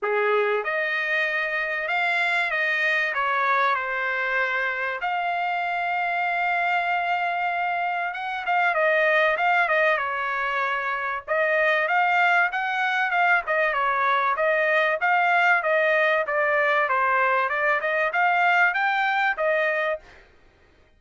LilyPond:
\new Staff \with { instrumentName = "trumpet" } { \time 4/4 \tempo 4 = 96 gis'4 dis''2 f''4 | dis''4 cis''4 c''2 | f''1~ | f''4 fis''8 f''8 dis''4 f''8 dis''8 |
cis''2 dis''4 f''4 | fis''4 f''8 dis''8 cis''4 dis''4 | f''4 dis''4 d''4 c''4 | d''8 dis''8 f''4 g''4 dis''4 | }